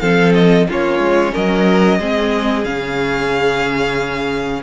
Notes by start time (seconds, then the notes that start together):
0.00 F3 C4 A4 F5
0.34 D#5
0.69 A#3 C#4 F4 C#5
0.99 G#3
1.33 F#3 A#4 D#5
1.99 G#3 C4 G#4
2.65 C#3 C#4 F5